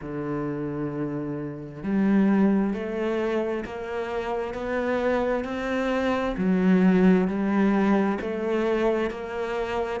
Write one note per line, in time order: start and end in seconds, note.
0.01 1.83 D3
1.83 2.73 G3
2.73 3.64 A3
3.65 4.53 A#3
4.53 5.44 B3
5.44 6.35 C4
6.37 7.27 F#3
7.27 8.18 G3
8.20 9.10 A3
9.10 10.00 A#3